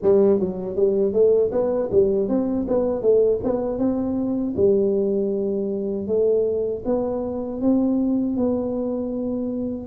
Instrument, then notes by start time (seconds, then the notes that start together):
tuba
0.02 G3
0.39 F#3
0.75 G3
1.12 A3
1.51 B3
1.91 G3
2.28 C4
2.68 B3
3.02 A3
3.43 B3
3.78 C4
4.56 G3
6.07 A3
6.85 B3
7.61 C4
8.36 B3